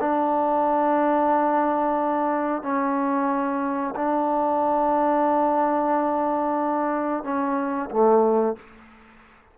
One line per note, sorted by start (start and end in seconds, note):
0.00 2.63 D4
2.63 3.94 C#4
3.96 7.24 D4
7.24 7.90 C#4
7.90 8.56 A3